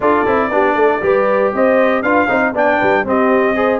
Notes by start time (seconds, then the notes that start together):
0.00 D4 F4 A4 D5
0.26 C4 E4
0.50 B3 D4 G4
0.74 A3 A4
1.01 G3 G4 B4
1.53 C4 C5 D#5
2.02 D4 F4 B4 F5
2.27 C4 D#4 C5
2.53 B3 D4 D5 G5
2.78 G3 B4
3.04 C4 G4 D#5
3.55 G#4 C5